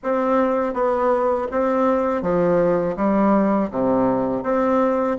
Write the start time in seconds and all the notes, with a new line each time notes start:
0.03 C4
0.73 B3
1.51 C4
2.22 F3
2.96 G3
3.70 C3
4.43 C4